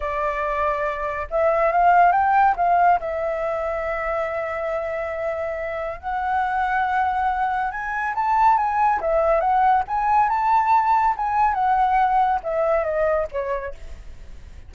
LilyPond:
\new Staff \with { instrumentName = "flute" } { \time 4/4 \tempo 4 = 140 d''2. e''4 | f''4 g''4 f''4 e''4~ | e''1~ | e''2 fis''2~ |
fis''2 gis''4 a''4 | gis''4 e''4 fis''4 gis''4 | a''2 gis''4 fis''4~ | fis''4 e''4 dis''4 cis''4 | }